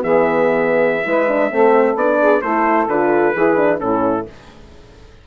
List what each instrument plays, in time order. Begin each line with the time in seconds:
0.00 bassoon E3, horn B3, saxophone G#4, trumpet E5
1.03 bassoon G#3, horn E4, saxophone B4
1.28 horn D4
1.51 bassoon A3, horn C4, saxophone A4
1.95 bassoon B3, horn D4, trumpet D5
2.20 saxophone G#4
2.41 bassoon A3, horn E4, saxophone A4, trumpet C5
2.87 bassoon D3, horn F4, trumpet B4
3.33 bassoon E3, horn E4, saxophone G#4
3.56 horn D4
3.78 bassoon A2, horn C#4, saxophone E4, trumpet A4